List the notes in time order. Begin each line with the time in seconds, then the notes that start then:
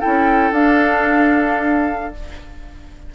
0.00 C#4 E4 A4 G5
0.52 D4 F5